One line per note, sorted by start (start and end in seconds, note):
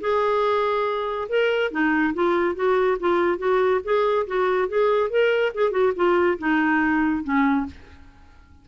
0.00 1.28 G#4
1.28 1.71 A#4
1.71 2.14 D#4
2.14 2.55 F4
2.55 2.97 F#4
2.99 3.38 F4
3.38 3.80 F#4
3.84 4.26 G#4
4.26 4.68 F#4
4.68 5.10 G#4
5.10 5.52 A#4
5.54 5.71 G#4
5.71 5.92 F#4
5.95 6.38 F4
6.38 7.23 D#4
7.23 7.66 C#4